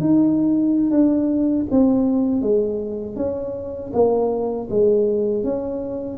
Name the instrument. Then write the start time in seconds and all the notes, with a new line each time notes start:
tuba
0.00 D#4
0.91 D4
1.71 C4
2.42 G#3
3.16 C#4
3.93 A#3
4.70 G#3
5.44 C#4